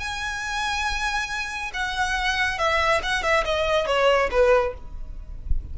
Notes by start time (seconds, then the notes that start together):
0.00 G#5
1.74 F#5
2.59 E5
3.03 F#5
3.23 E5
3.45 D#5
3.87 C#5
4.31 B4